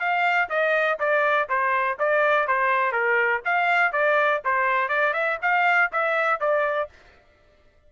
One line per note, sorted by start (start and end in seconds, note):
0.00 0.49 F5
0.50 0.99 D#5
1.00 1.49 D5
1.49 1.99 C5
1.99 2.48 D5
2.48 2.93 C5
2.93 3.42 A#4
3.45 3.93 F5
3.93 4.42 D5
4.45 4.89 C5
4.89 5.14 D5
5.14 5.39 E5
5.42 5.91 F5
5.93 6.41 E5
6.41 6.90 D5